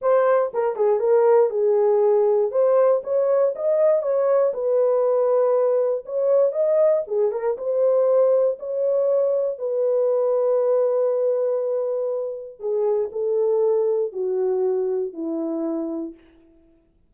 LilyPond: \new Staff \with { instrumentName = "horn" } { \time 4/4 \tempo 4 = 119 c''4 ais'8 gis'8 ais'4 gis'4~ | gis'4 c''4 cis''4 dis''4 | cis''4 b'2. | cis''4 dis''4 gis'8 ais'8 c''4~ |
c''4 cis''2 b'4~ | b'1~ | b'4 gis'4 a'2 | fis'2 e'2 | }